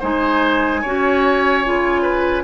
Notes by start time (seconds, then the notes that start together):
0.00 G#3 D#4 C5 G#5
0.82 C#4 F#4 C#5
1.65 C#3 F4
2.03 B4